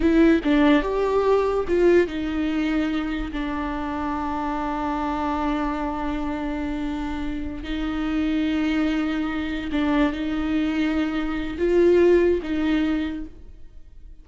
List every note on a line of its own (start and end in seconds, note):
0.00 0.40 E4
0.43 0.82 D4
0.82 1.65 G4
1.68 2.07 F4
2.07 3.31 D#4
3.32 7.63 D4
7.63 9.70 D#4
9.71 10.12 D4
10.12 11.57 D#4
11.58 12.40 F4
12.42 13.25 D#4